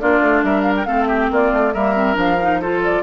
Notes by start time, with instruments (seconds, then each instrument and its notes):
0.00 bassoon A#3, clarinet D4, oboe F4, flute D5
0.21 bassoon A3
0.43 bassoon G3, oboe A#4, flute E5
0.62 flute F5
0.77 flute G5
0.85 bassoon A3, clarinet C4, oboe A4, flute F5
1.06 oboe G4, flute E5
1.30 bassoon A#3, oboe F4, flute D5
1.53 bassoon A3
1.74 bassoon G3, clarinet A#3, oboe A#4, flute E5
1.95 clarinet C4
2.14 bassoon F3, clarinet D4, flute F5
2.42 clarinet D#4
2.61 clarinet F4, oboe A4, flute C5
2.84 flute D5